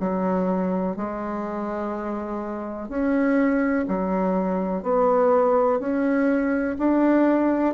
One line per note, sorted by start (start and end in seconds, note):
0.00 0.96 F#3
0.96 2.89 G#3
2.89 3.85 C#4
3.88 4.83 F#3
4.83 5.80 B3
5.80 6.77 C#4
6.78 7.74 D4